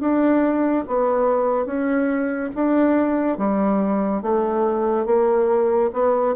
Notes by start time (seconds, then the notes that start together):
0.00 D4
0.87 B3
1.66 C#4
2.55 D4
3.37 G3
4.22 A3
5.06 A#3
5.93 B3